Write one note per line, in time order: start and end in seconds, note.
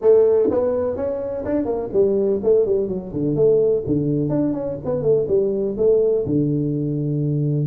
0.01 0.49 A3
0.50 0.96 B3
0.96 1.44 C#4
1.44 1.65 D4
1.65 1.89 A#3
1.92 2.40 G3
2.43 2.65 A3
2.65 2.88 G3
2.88 3.12 F#3
3.12 3.35 D3
3.35 3.83 A3
3.86 4.29 D3
4.29 4.53 D4
4.53 4.77 C#4
4.84 5.02 B3
5.02 5.26 A3
5.28 5.76 G3
5.77 6.25 A3
6.26 7.66 D3